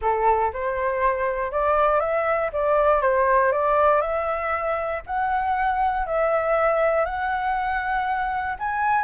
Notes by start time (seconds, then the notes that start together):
0.01 A4
0.53 C5
1.51 D5
2.00 E5
2.52 D5
3.01 C5
3.52 D5
4.01 E5
5.06 F#5
6.06 E5
7.05 F#5
8.59 G#5